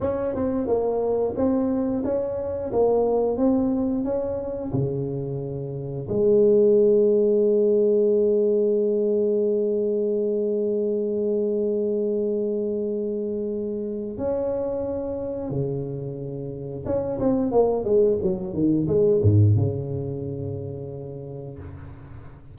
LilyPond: \new Staff \with { instrumentName = "tuba" } { \time 4/4 \tempo 4 = 89 cis'8 c'8 ais4 c'4 cis'4 | ais4 c'4 cis'4 cis4~ | cis4 gis2.~ | gis1~ |
gis1~ | gis4 cis'2 cis4~ | cis4 cis'8 c'8 ais8 gis8 fis8 dis8 | gis8 gis,8 cis2. | }